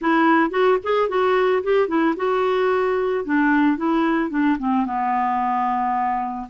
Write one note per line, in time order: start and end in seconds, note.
0.01 0.50 E4
0.50 0.77 F#4
0.83 1.08 G#4
1.08 1.62 F#4
1.63 1.87 G4
1.87 2.14 E4
2.16 3.24 F#4
3.24 3.77 D4
3.77 4.30 E4
4.30 4.57 D4
4.58 4.85 C4
4.85 6.47 B3